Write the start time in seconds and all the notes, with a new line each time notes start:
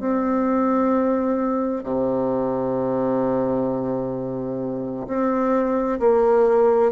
0.00 C4
1.84 C3
5.07 C4
6.00 A#3